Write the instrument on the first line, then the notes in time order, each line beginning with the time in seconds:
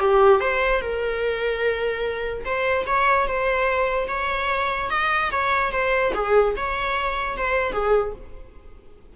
viola
0.00 G4
0.40 C5
0.81 A#4
2.45 C5
2.86 C#5
3.27 C5
4.08 C#5
4.90 D#5
5.31 C#5
5.72 C5
6.14 G#4
6.56 C#5
7.37 C5
7.72 G#4